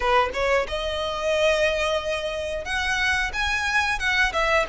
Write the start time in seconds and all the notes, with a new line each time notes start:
0.00 B4
0.33 C#5
0.67 D#5
2.65 F#5
3.33 G#5
3.98 F#5
4.32 E5